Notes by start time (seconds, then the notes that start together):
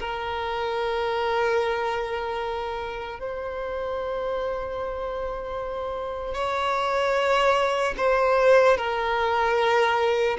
0.00 A#4
3.20 C5
6.35 C#5
7.98 C5
8.77 A#4